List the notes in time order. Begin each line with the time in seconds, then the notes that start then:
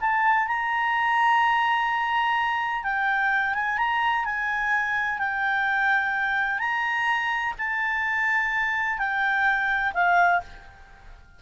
0.00 A5
0.47 A#5
2.83 G5
3.54 G#5
3.78 A#5
4.25 G#5
5.18 G5
6.59 A#5
7.58 A5
8.98 G5
9.94 F5